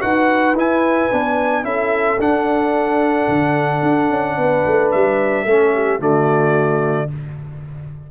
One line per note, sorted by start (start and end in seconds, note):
0.00 0.55 D#4
0.00 0.55 F#4
0.00 1.64 B4
0.00 0.56 F#5
0.55 1.09 E4
0.55 1.11 E4
0.55 1.65 G#5
1.11 1.64 B3
1.11 1.63 D4
1.63 2.19 C#4
1.63 2.18 E4
1.63 4.37 A4
1.63 2.20 E5
2.19 3.28 D4
2.19 5.47 D4
2.19 4.92 F#5
3.29 3.82 D3
3.82 4.10 D4
4.10 4.37 C#4
4.37 4.65 B3
4.37 5.46 B4
4.66 4.94 A3
4.92 5.46 G3
4.92 6.01 E5
5.46 6.00 A3
5.46 5.99 C#4
5.46 5.73 A4
5.74 6.00 G4
5.99 7.09 D3
5.99 7.09 A3
5.99 7.09 F#4
5.99 7.11 D5